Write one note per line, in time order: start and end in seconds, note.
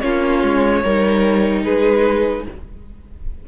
0.00 0.43 A#3
0.00 0.82 C#4
0.00 0.83 F4
0.00 1.62 C#5
0.43 0.83 G#3
0.83 1.65 G3
0.83 2.48 D#4
0.83 1.63 A#4
1.63 2.46 G#3
1.63 2.44 G#4
1.63 2.45 B4